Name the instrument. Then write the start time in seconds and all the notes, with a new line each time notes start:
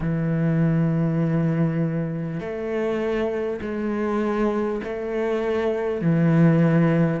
cello
0.00 E3
2.40 A3
3.61 G#3
4.83 A3
6.01 E3